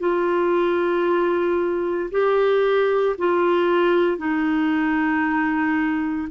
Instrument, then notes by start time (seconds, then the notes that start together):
clarinet
0.00 F4
2.11 G4
3.18 F4
4.18 D#4